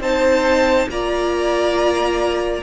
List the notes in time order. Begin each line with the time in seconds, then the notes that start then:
0.00 C4 D#4 C5 A5
0.89 A#3 F4 D5 A#5